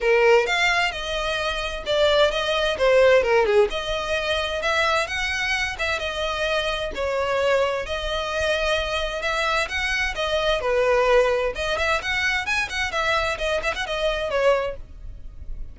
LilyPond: \new Staff \with { instrumentName = "violin" } { \time 4/4 \tempo 4 = 130 ais'4 f''4 dis''2 | d''4 dis''4 c''4 ais'8 gis'8 | dis''2 e''4 fis''4~ | fis''8 e''8 dis''2 cis''4~ |
cis''4 dis''2. | e''4 fis''4 dis''4 b'4~ | b'4 dis''8 e''8 fis''4 gis''8 fis''8 | e''4 dis''8 e''16 fis''16 dis''4 cis''4 | }